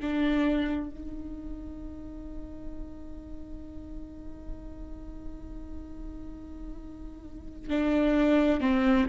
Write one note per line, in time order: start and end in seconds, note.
0.00 0.90 D4
0.90 7.70 D#4
7.70 8.60 D4
8.60 9.06 C4